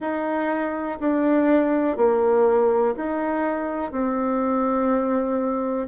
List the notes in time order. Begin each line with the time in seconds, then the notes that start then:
0.00 D#4
1.00 D4
1.97 A#3
2.96 D#4
3.91 C4